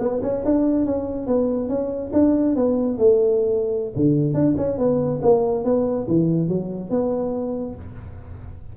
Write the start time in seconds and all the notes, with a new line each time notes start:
0.00 B3
0.23 C#4
0.45 D4
0.86 C#4
1.27 B3
1.69 C#4
2.14 D4
2.56 B3
2.98 A3
3.96 D3
4.34 D4
4.58 C#4
4.78 B3
5.22 A#3
5.65 B3
6.08 E3
6.49 F#3
6.91 B3